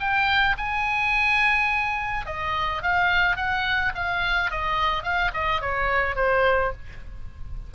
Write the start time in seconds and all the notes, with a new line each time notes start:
0.00 G5
0.58 G#5
2.26 D#5
2.82 F5
3.36 F#5
3.95 F5
4.51 D#5
5.03 F5
5.33 D#5
5.62 C#5
6.16 C5